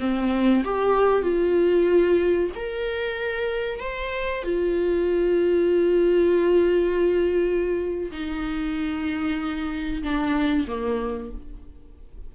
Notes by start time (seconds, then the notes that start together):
0.00 C4
0.64 G4
1.22 F4
2.56 A#4
3.80 C5
4.44 F4
8.12 D#4
10.03 D4
10.67 A#3